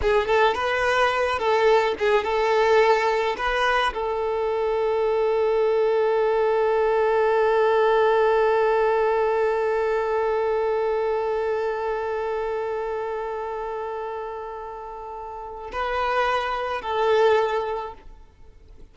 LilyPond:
\new Staff \with { instrumentName = "violin" } { \time 4/4 \tempo 4 = 107 gis'8 a'8 b'4. a'4 gis'8 | a'2 b'4 a'4~ | a'1~ | a'1~ |
a'1~ | a'1~ | a'1 | b'2 a'2 | }